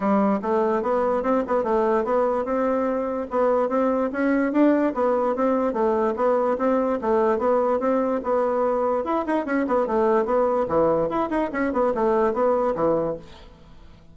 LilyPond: \new Staff \with { instrumentName = "bassoon" } { \time 4/4 \tempo 4 = 146 g4 a4 b4 c'8 b8 | a4 b4 c'2 | b4 c'4 cis'4 d'4 | b4 c'4 a4 b4 |
c'4 a4 b4 c'4 | b2 e'8 dis'8 cis'8 b8 | a4 b4 e4 e'8 dis'8 | cis'8 b8 a4 b4 e4 | }